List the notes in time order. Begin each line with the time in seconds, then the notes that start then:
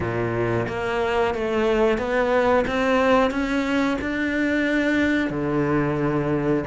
0.00 A#2
0.68 A#3
1.34 A3
1.98 B3
2.67 C4
3.30 C#4
4.01 D4
5.30 D3